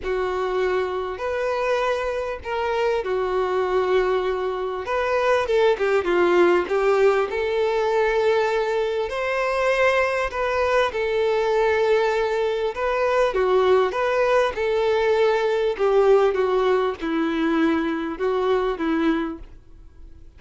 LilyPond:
\new Staff \with { instrumentName = "violin" } { \time 4/4 \tempo 4 = 99 fis'2 b'2 | ais'4 fis'2. | b'4 a'8 g'8 f'4 g'4 | a'2. c''4~ |
c''4 b'4 a'2~ | a'4 b'4 fis'4 b'4 | a'2 g'4 fis'4 | e'2 fis'4 e'4 | }